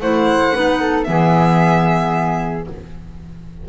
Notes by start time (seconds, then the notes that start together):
0.00 A3 E4 C5 F#5
0.54 B3 D#4 B4
0.80 A4
1.04 E3 B3 G#4 E5